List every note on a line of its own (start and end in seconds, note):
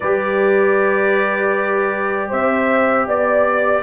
0.00 2.32 G3
0.00 3.82 G4
0.00 2.28 B4
0.00 2.30 D5
2.28 3.07 C4
2.28 3.05 C5
2.28 3.08 E5
3.07 3.82 B3
3.07 3.82 D5